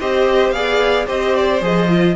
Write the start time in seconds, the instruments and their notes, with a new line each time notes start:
0.00 cello C4, viola G4, violin C5 D#5
0.51 cello B3, viola G#4, violin D5 F5
1.06 cello C4, viola G4, violin C5 D#5
1.35 violin D5
1.61 cello F3, viola G#4, violin D#5
1.89 viola F4